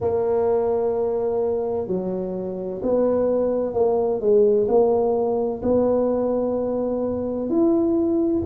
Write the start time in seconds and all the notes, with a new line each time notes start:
0.00 A#3
1.87 F#3
2.82 B3
3.73 A#3
4.20 G#3
4.67 A#3
5.62 B3
7.49 E4